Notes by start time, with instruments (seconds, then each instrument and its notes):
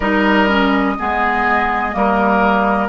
0.00 bassoon G3, clarinet D#4, oboe A#4, flute D#5
0.47 clarinet C#4
0.98 bassoon G#3, clarinet B3, oboe G#4
1.92 bassoon G3, clarinet A#3, oboe A#4